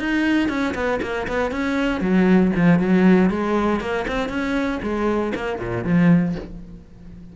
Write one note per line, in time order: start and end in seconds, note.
0.00 0.49 D#4
0.49 0.75 C#4
0.75 1.01 B3
1.02 1.28 A#3
1.28 1.52 B3
1.52 2.01 C#4
2.01 2.52 F#3
2.56 2.80 F3
2.80 3.31 F#3
3.31 3.81 G#3
3.81 4.06 A#3
4.08 4.29 C4
4.29 4.80 C#4
4.83 5.34 G#3
5.36 5.59 A#3
5.59 5.85 A#2
5.85 6.36 F3